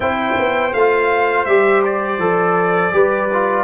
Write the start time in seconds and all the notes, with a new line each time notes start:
0.00 C4 E4 C5 G5
0.39 B3
0.73 A3 F4 F5
1.45 G3 G4 E5
1.85 D5
2.18 F3 A4
2.92 G3 G4 B4
3.33 F4